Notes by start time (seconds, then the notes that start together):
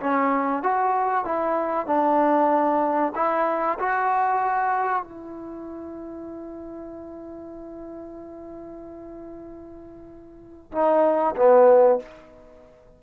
0.00 C#4
0.63 F#4
1.25 E4
1.87 D4
3.15 E4
3.79 F#4
5.03 E4
10.72 D#4
11.36 B3